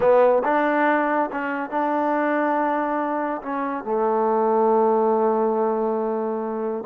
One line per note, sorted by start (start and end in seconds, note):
0.00 0.42 B3
0.44 1.30 D4
1.31 1.70 C#4
1.70 3.41 D4
3.41 3.84 C#4
3.84 6.84 A3